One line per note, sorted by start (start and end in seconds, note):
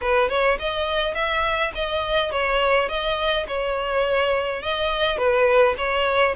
0.01 0.29 B4
0.29 0.58 C#5
0.59 1.14 D#5
1.14 1.72 E5
1.74 2.31 D#5
2.31 2.88 C#5
2.88 3.46 D#5
3.47 4.62 C#5
4.62 5.17 D#5
5.17 5.75 B4
5.77 6.35 C#5